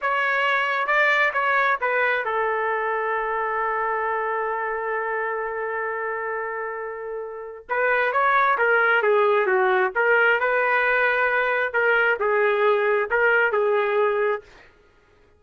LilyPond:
\new Staff \with { instrumentName = "trumpet" } { \time 4/4 \tempo 4 = 133 cis''2 d''4 cis''4 | b'4 a'2.~ | a'1~ | a'1~ |
a'4 b'4 cis''4 ais'4 | gis'4 fis'4 ais'4 b'4~ | b'2 ais'4 gis'4~ | gis'4 ais'4 gis'2 | }